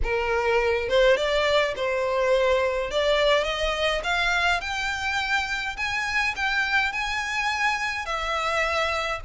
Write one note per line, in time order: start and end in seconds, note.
0.03 0.88 A#4
0.88 1.16 C5
1.16 1.74 D5
1.76 2.90 C5
2.90 3.44 D5
3.44 4.01 D#5
4.03 4.60 F5
4.60 5.76 G5
5.76 6.34 G#5
6.35 6.92 G5
6.92 8.05 G#5
8.05 9.20 E5